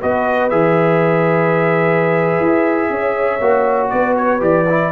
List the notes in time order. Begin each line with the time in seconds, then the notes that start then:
0.00 B3 F#4 B4 D#5
0.49 E3 G#4 E5
2.39 E4
2.89 C#4 C#5
3.40 A#3 F#4
3.89 B3 B4 D5
4.17 C#5
4.39 E3 G4 D5
4.69 E4